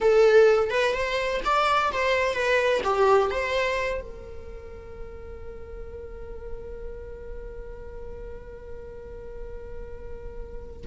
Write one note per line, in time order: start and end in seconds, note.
0.00 0.70 A4
0.70 0.93 B4
0.93 1.40 C5
1.44 1.92 D5
1.92 2.34 C5
2.34 2.81 B4
2.84 3.30 G4
3.30 4.01 C5
4.01 10.86 A#4